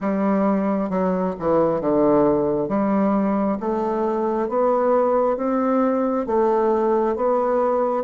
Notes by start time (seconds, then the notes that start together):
0.00 G3
0.90 F#3
1.39 E3
1.80 D3
2.68 G3
3.59 A3
4.48 B3
5.36 C4
6.26 A3
7.16 B3